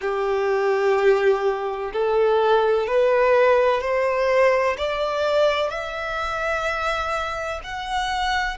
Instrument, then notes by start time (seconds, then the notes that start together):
violin
0.01 G4
1.93 A4
2.87 B4
3.81 C5
4.77 D5
5.69 E5
7.63 F#5